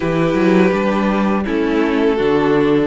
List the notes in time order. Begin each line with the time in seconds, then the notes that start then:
0.00 E3 E4 G4 B4
0.33 F#3
0.72 G3 D4
1.44 A3 C#4 E4 A4
2.16 D3 D4 F#4